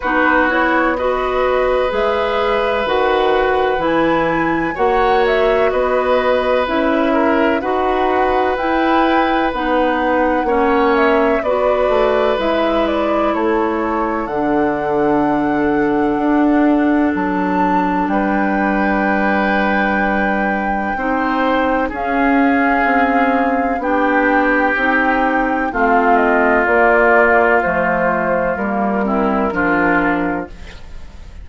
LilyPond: <<
  \new Staff \with { instrumentName = "flute" } { \time 4/4 \tempo 4 = 63 b'8 cis''8 dis''4 e''4 fis''4 | gis''4 fis''8 e''8 dis''4 e''4 | fis''4 g''4 fis''4. e''8 | d''4 e''8 d''8 cis''4 fis''4~ |
fis''2 a''4 g''4~ | g''2. f''4~ | f''4 g''2 f''8 dis''8 | d''4 c''4 ais'2 | }
  \new Staff \with { instrumentName = "oboe" } { \time 4/4 fis'4 b'2.~ | b'4 cis''4 b'4. ais'8 | b'2. cis''4 | b'2 a'2~ |
a'2. b'4~ | b'2 c''4 gis'4~ | gis'4 g'2 f'4~ | f'2~ f'8 e'8 f'4 | }
  \new Staff \with { instrumentName = "clarinet" } { \time 4/4 dis'8 e'8 fis'4 gis'4 fis'4 | e'4 fis'2 e'4 | fis'4 e'4 dis'4 cis'4 | fis'4 e'2 d'4~ |
d'1~ | d'2 dis'4 cis'4~ | cis'4 d'4 dis'4 c'4 | ais4 a4 ais8 c'8 d'4 | }
  \new Staff \with { instrumentName = "bassoon" } { \time 4/4 b2 gis4 dis4 | e4 ais4 b4 cis'4 | dis'4 e'4 b4 ais4 | b8 a8 gis4 a4 d4~ |
d4 d'4 fis4 g4~ | g2 c'4 cis'4 | c'4 b4 c'4 a4 | ais4 f4 g4 f4 | }
>>